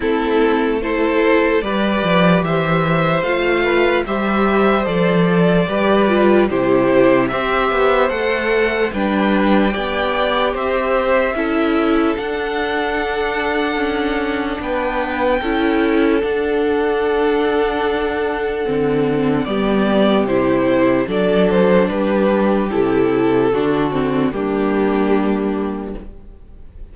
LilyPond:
<<
  \new Staff \with { instrumentName = "violin" } { \time 4/4 \tempo 4 = 74 a'4 c''4 d''4 e''4 | f''4 e''4 d''2 | c''4 e''4 fis''4 g''4~ | g''4 e''2 fis''4~ |
fis''2 g''2 | fis''1 | d''4 c''4 d''8 c''8 b'4 | a'2 g'2 | }
  \new Staff \with { instrumentName = "violin" } { \time 4/4 e'4 a'4 b'4 c''4~ | c''8 b'8 c''2 b'4 | g'4 c''2 b'4 | d''4 c''4 a'2~ |
a'2 b'4 a'4~ | a'1 | g'2 a'4 g'4~ | g'4 fis'4 d'2 | }
  \new Staff \with { instrumentName = "viola" } { \time 4/4 c'4 e'4 g'2 | f'4 g'4 a'4 g'8 f'8 | e'4 g'4 a'4 d'4 | g'2 e'4 d'4~ |
d'2. e'4 | d'2. c'4 | b4 e'4 d'2 | e'4 d'8 c'8 ais2 | }
  \new Staff \with { instrumentName = "cello" } { \time 4/4 a2 g8 f8 e4 | a4 g4 f4 g4 | c4 c'8 b8 a4 g4 | b4 c'4 cis'4 d'4~ |
d'4 cis'4 b4 cis'4 | d'2. d4 | g4 c4 fis4 g4 | c4 d4 g2 | }
>>